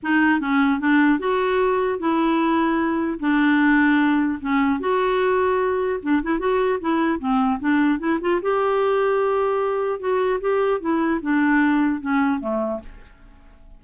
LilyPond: \new Staff \with { instrumentName = "clarinet" } { \time 4/4 \tempo 4 = 150 dis'4 cis'4 d'4 fis'4~ | fis'4 e'2. | d'2. cis'4 | fis'2. d'8 e'8 |
fis'4 e'4 c'4 d'4 | e'8 f'8 g'2.~ | g'4 fis'4 g'4 e'4 | d'2 cis'4 a4 | }